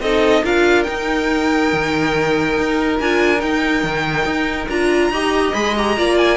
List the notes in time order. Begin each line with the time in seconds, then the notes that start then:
0.00 C4 D#4 A4 D#5
0.44 D4 F4 A#4 F5
0.83 D#4 G5
1.73 D#3
2.58 D#4
3.00 D4 F4 G#5
3.37 D#4 G5
3.83 D#3
4.25 D#4
4.69 D4 F4 A#5
5.10 D#4 G4 D#5
5.53 G#3 G#4 B5
5.77 G4 A#5
5.97 A#3 F4 D5
6.18 G#5